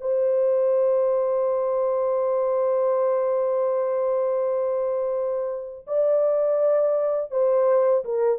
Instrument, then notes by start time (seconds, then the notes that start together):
horn
0.00 C5
5.86 D5
7.30 C5
8.04 A#4